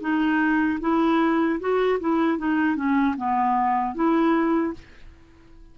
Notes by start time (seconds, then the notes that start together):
0.00 D#4
0.80 E4
1.60 F#4
2.00 E4
2.38 D#4
2.76 C#4
3.17 B3
3.94 E4